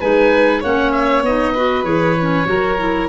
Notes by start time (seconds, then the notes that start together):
0.00 G#3 D#4 B4 G#5
0.61 A#3 C#4 C#5 F#5
0.91 E5
1.22 B3 D#4 D#5
1.54 F#4 B4
1.84 E3 G#4 C#5
2.21 C#4
2.45 F#3 F#4 A#4
2.78 E4